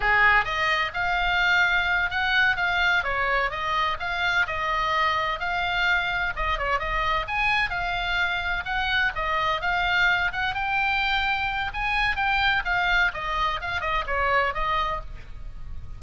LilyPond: \new Staff \with { instrumentName = "oboe" } { \time 4/4 \tempo 4 = 128 gis'4 dis''4 f''2~ | f''8 fis''4 f''4 cis''4 dis''8~ | dis''8 f''4 dis''2 f''8~ | f''4. dis''8 cis''8 dis''4 gis''8~ |
gis''8 f''2 fis''4 dis''8~ | dis''8 f''4. fis''8 g''4.~ | g''4 gis''4 g''4 f''4 | dis''4 f''8 dis''8 cis''4 dis''4 | }